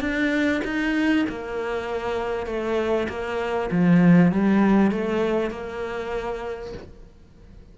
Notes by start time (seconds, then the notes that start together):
0.00 D4
0.64 D#4
1.29 A#3
2.46 A3
3.08 A#3
3.71 F3
4.32 G3
4.91 A3
5.50 A#3